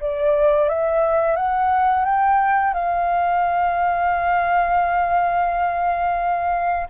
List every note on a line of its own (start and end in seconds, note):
0.00 0.69 D5
0.69 1.36 E5
1.36 2.05 F#5
2.05 2.73 G5
2.73 6.87 F5